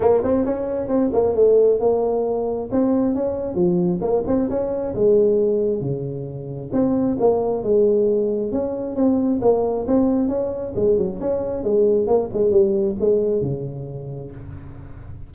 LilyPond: \new Staff \with { instrumentName = "tuba" } { \time 4/4 \tempo 4 = 134 ais8 c'8 cis'4 c'8 ais8 a4 | ais2 c'4 cis'4 | f4 ais8 c'8 cis'4 gis4~ | gis4 cis2 c'4 |
ais4 gis2 cis'4 | c'4 ais4 c'4 cis'4 | gis8 fis8 cis'4 gis4 ais8 gis8 | g4 gis4 cis2 | }